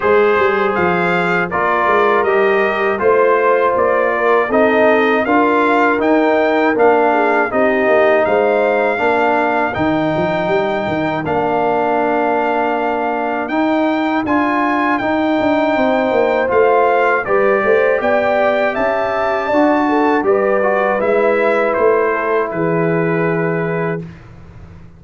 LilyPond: <<
  \new Staff \with { instrumentName = "trumpet" } { \time 4/4 \tempo 4 = 80 c''4 f''4 d''4 dis''4 | c''4 d''4 dis''4 f''4 | g''4 f''4 dis''4 f''4~ | f''4 g''2 f''4~ |
f''2 g''4 gis''4 | g''2 f''4 d''4 | g''4 a''2 d''4 | e''4 c''4 b'2 | }
  \new Staff \with { instrumentName = "horn" } { \time 4/4 c''2 ais'2 | c''4. ais'8 a'4 ais'4~ | ais'4. gis'8 g'4 c''4 | ais'1~ |
ais'1~ | ais'4 c''2 b'8 c''8 | d''4 e''4 d''8 a'8 b'4~ | b'4. a'8 gis'2 | }
  \new Staff \with { instrumentName = "trombone" } { \time 4/4 gis'2 f'4 g'4 | f'2 dis'4 f'4 | dis'4 d'4 dis'2 | d'4 dis'2 d'4~ |
d'2 dis'4 f'4 | dis'2 f'4 g'4~ | g'2 fis'4 g'8 fis'8 | e'1 | }
  \new Staff \with { instrumentName = "tuba" } { \time 4/4 gis8 g8 f4 ais8 gis8 g4 | a4 ais4 c'4 d'4 | dis'4 ais4 c'8 ais8 gis4 | ais4 dis8 f8 g8 dis8 ais4~ |
ais2 dis'4 d'4 | dis'8 d'8 c'8 ais8 a4 g8 a8 | b4 cis'4 d'4 g4 | gis4 a4 e2 | }
>>